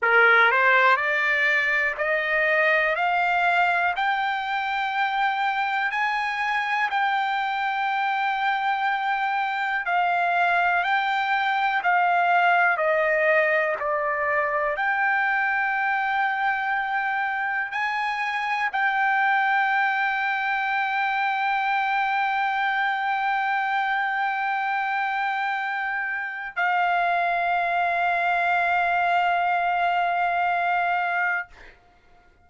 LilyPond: \new Staff \with { instrumentName = "trumpet" } { \time 4/4 \tempo 4 = 61 ais'8 c''8 d''4 dis''4 f''4 | g''2 gis''4 g''4~ | g''2 f''4 g''4 | f''4 dis''4 d''4 g''4~ |
g''2 gis''4 g''4~ | g''1~ | g''2. f''4~ | f''1 | }